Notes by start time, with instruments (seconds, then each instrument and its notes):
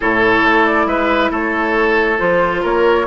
0.00 bassoon A2, clarinet E4, oboe A4, flute C#5
0.44 bassoon A3
0.65 flute D5
0.86 bassoon G#3, oboe B4, flute E5
1.30 bassoon A3, oboe A4, flute C#5
2.18 bassoon F3, clarinet F4, flute C5
2.62 bassoon A#3, oboe A#4, flute C#5